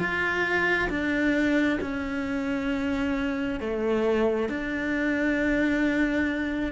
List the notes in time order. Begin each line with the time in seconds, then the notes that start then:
0.00 F4
0.90 D4
1.82 C#4
3.61 A3
4.50 D4